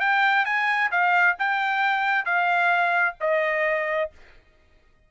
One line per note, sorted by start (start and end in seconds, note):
0.00 0.45 G5
0.45 0.90 G#5
0.91 1.36 F5
1.39 2.25 G5
2.25 3.15 F5
3.21 4.11 D#5